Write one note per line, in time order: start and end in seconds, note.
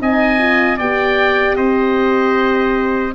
0.00 0.80 C4
0.00 0.39 D#4
0.00 0.77 D#5
0.00 0.79 G#5
0.39 0.79 F4
0.77 1.58 B3
0.77 3.15 G4
0.77 1.56 D5
0.77 1.56 G5
1.56 3.15 C4
1.56 3.15 C5
1.56 3.14 D#5